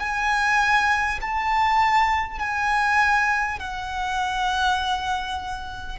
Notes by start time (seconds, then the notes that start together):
0.00 G#5
1.21 A5
2.39 G#5
3.59 F#5